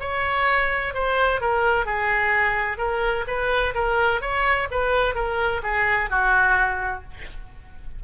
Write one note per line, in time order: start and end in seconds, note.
0.00 0.94 C#5
0.94 1.41 C5
1.41 1.86 A#4
1.86 2.78 G#4
2.78 3.25 A#4
3.27 3.74 B4
3.74 4.21 A#4
4.21 4.68 C#5
4.71 5.15 B4
5.15 5.62 A#4
5.63 6.10 G#4
6.10 7.04 F#4